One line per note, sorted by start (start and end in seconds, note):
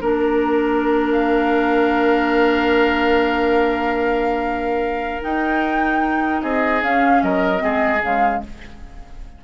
0.00 5.20 A#3
0.00 5.21 D4
0.00 6.40 A#4
0.00 1.12 A#4
1.12 5.22 F5
5.21 6.81 D#4
5.21 6.43 D#4
5.21 6.42 G5
6.42 6.82 C4
6.42 7.22 G#4
6.42 6.82 D#5
6.82 7.22 C#4
6.82 7.58 C#4
6.82 7.23 F5
7.22 7.62 F#3
7.22 7.63 A#4
7.22 8.03 D#5
7.58 8.02 G#3
7.58 7.98 C4
7.58 8.43 G#4
8.02 8.42 C#3
8.02 8.44 G#3
8.02 8.44 F5